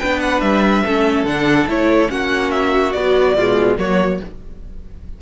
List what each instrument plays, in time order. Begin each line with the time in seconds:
0.00 cello B3, viola D4, violin B4 G5
0.20 violin F#5
0.41 cello G3, violin E5
0.86 cello A3, viola C#4, violin A4
1.24 cello D3, viola D4, violin F#5
1.67 cello A3, viola E4, violin C#5
2.09 cello A#3, viola C#4, violin F#4 F#5
2.51 violin E5
2.93 viola F#3, cello B3, violin D5
3.35 cello B2, viola G#3, violin F4
3.78 cello F#3, viola A#3, violin F#4 C#5